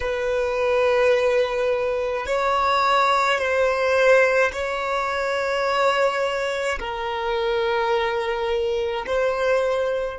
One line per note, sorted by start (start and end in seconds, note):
0.00 2.26 B4
2.26 3.38 C#5
3.38 4.51 C5
4.52 6.79 C#5
6.79 9.05 A#4
9.06 10.19 C5